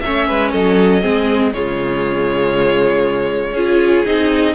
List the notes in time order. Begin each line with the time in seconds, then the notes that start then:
0.00 A3 C#4 C#5 E5
0.28 G#3 B4
0.52 F#3 A4 D#5
1.02 G#3 C4 G#4
1.53 C#3 G#3 F4 C#5
3.53 C#4 F4 G#4
4.06 C4 D#4 D#5